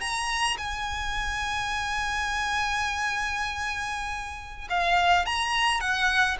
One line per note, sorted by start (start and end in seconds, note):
0.00 0.57 A#5
0.57 4.68 G#5
4.69 5.25 F5
5.25 5.80 A#5
5.80 6.37 F#5